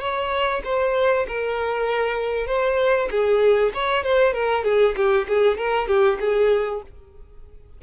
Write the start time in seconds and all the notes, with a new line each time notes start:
0.00 C#5
0.65 C5
1.28 A#4
2.47 C5
3.11 G#4
3.74 C#5
4.03 C5
4.33 A#4
4.64 G#4
4.96 G4
5.28 G#4
5.58 A#4
5.88 G4
6.20 G#4